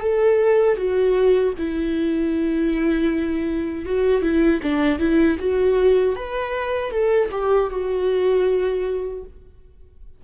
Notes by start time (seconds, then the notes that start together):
0.00 A4
0.77 F#4
1.58 E4
3.86 F#4
4.22 E4
4.63 D4
4.99 E4
5.39 F#4
6.16 B4
6.91 A4
7.32 G4
7.70 F#4